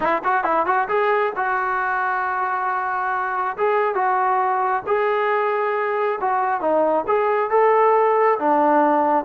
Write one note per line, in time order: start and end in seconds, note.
0.00 0.22 E4
0.24 0.44 F#4
0.44 0.66 E4
0.66 0.88 F#4
0.88 1.32 G#4
1.36 3.56 F#4
3.57 3.94 G#4
3.94 4.82 F#4
4.86 6.19 G#4
6.20 6.60 F#4
6.60 7.04 D#4
7.07 7.50 G#4
7.50 8.38 A4
8.39 9.24 D4